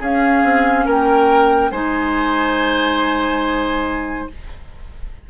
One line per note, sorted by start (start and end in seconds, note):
0.00 0.43 C#4
0.00 1.73 C#4
0.00 0.86 G#4
0.00 0.89 F5
0.44 0.86 C4
0.86 1.71 A#3
0.86 1.71 A#4
0.86 1.72 G5
1.71 4.28 G#3
1.71 4.30 D#4
1.71 4.29 C5
1.71 4.29 G#5